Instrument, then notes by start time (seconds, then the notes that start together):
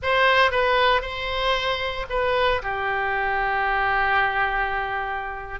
oboe
0.02 C5
0.51 B4
1.01 C5
2.09 B4
2.62 G4